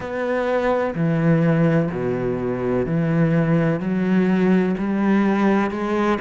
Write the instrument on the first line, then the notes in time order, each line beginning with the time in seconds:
cello
0.00 B3
0.94 E3
1.91 B2
2.86 E3
3.80 F#3
4.78 G3
5.70 G#3